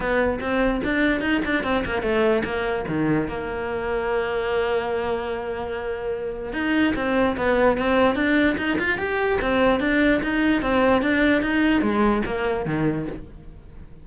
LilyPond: \new Staff \with { instrumentName = "cello" } { \time 4/4 \tempo 4 = 147 b4 c'4 d'4 dis'8 d'8 | c'8 ais8 a4 ais4 dis4 | ais1~ | ais1 |
dis'4 c'4 b4 c'4 | d'4 dis'8 f'8 g'4 c'4 | d'4 dis'4 c'4 d'4 | dis'4 gis4 ais4 dis4 | }